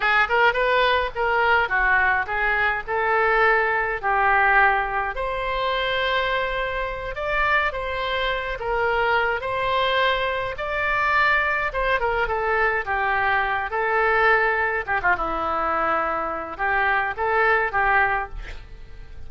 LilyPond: \new Staff \with { instrumentName = "oboe" } { \time 4/4 \tempo 4 = 105 gis'8 ais'8 b'4 ais'4 fis'4 | gis'4 a'2 g'4~ | g'4 c''2.~ | c''8 d''4 c''4. ais'4~ |
ais'8 c''2 d''4.~ | d''8 c''8 ais'8 a'4 g'4. | a'2 g'16 f'16 e'4.~ | e'4 g'4 a'4 g'4 | }